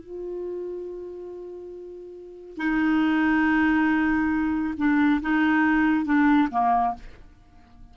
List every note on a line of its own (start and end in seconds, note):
0.00 2.57 F4
2.57 4.74 D#4
4.77 5.21 D4
5.21 6.05 D#4
6.05 6.48 D4
6.51 6.94 A#3